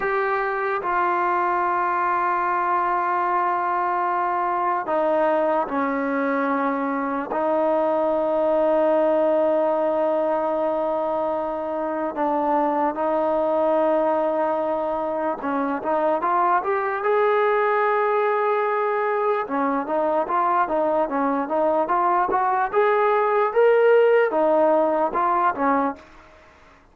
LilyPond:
\new Staff \with { instrumentName = "trombone" } { \time 4/4 \tempo 4 = 74 g'4 f'2.~ | f'2 dis'4 cis'4~ | cis'4 dis'2.~ | dis'2. d'4 |
dis'2. cis'8 dis'8 | f'8 g'8 gis'2. | cis'8 dis'8 f'8 dis'8 cis'8 dis'8 f'8 fis'8 | gis'4 ais'4 dis'4 f'8 cis'8 | }